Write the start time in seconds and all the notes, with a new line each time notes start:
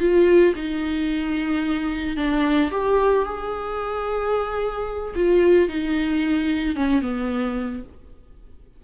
0.00 F4
0.56 D#4
2.17 D4
2.71 G4
3.25 G#4
5.15 F4
5.69 D#4
6.76 C#4
7.02 B3